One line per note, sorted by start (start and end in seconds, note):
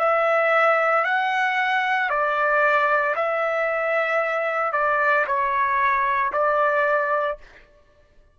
0.00 1.05 E5
1.05 2.10 F#5
2.10 3.15 D5
3.16 4.73 E5
4.73 5.26 D5
5.27 6.33 C#5
6.33 7.38 D5